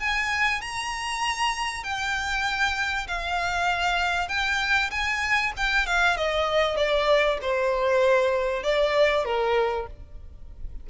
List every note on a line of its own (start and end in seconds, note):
0.00 0.62 G#5
0.62 1.84 A#5
1.84 3.08 G5
3.08 4.29 F5
4.29 4.91 G5
4.91 5.53 G#5
5.57 5.87 G5
5.87 6.17 F5
6.17 6.77 D#5
6.77 7.39 D5
7.42 8.63 C5
8.63 9.25 D5
9.25 9.87 A#4